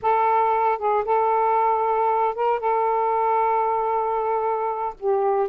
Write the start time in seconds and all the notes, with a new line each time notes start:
0.01 A4
0.78 G#4
1.04 A4
2.35 A#4
2.59 A4
4.99 G4